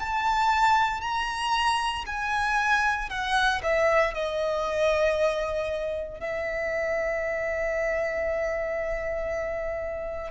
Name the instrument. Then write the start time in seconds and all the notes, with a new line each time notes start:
violin
0.00 A5
1.02 A#5
2.06 G#5
3.10 F#5
3.63 E5
4.15 D#5
6.20 E5